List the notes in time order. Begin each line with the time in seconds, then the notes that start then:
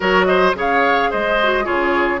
0.00 F#3 F#4 A#4 C#5
0.25 C5 D#5
0.54 C#3 G#4 C#5 F5
1.10 G#3 C5 D#5
1.42 F#4
1.64 C#3 F4 G#4 C#5